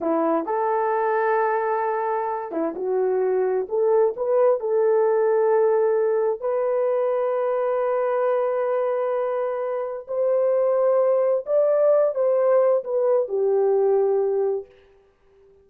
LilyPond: \new Staff \with { instrumentName = "horn" } { \time 4/4 \tempo 4 = 131 e'4 a'2.~ | a'4. e'8 fis'2 | a'4 b'4 a'2~ | a'2 b'2~ |
b'1~ | b'2 c''2~ | c''4 d''4. c''4. | b'4 g'2. | }